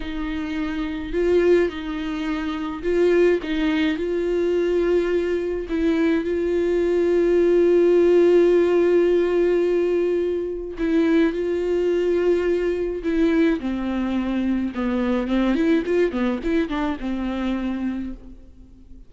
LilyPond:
\new Staff \with { instrumentName = "viola" } { \time 4/4 \tempo 4 = 106 dis'2 f'4 dis'4~ | dis'4 f'4 dis'4 f'4~ | f'2 e'4 f'4~ | f'1~ |
f'2. e'4 | f'2. e'4 | c'2 b4 c'8 e'8 | f'8 b8 e'8 d'8 c'2 | }